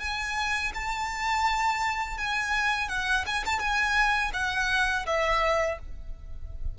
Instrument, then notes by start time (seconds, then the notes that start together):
violin
0.00 G#5
0.74 A5
2.18 G#5
2.89 F#5
3.26 G#5
3.45 A5
3.59 G#5
4.33 F#5
5.06 E5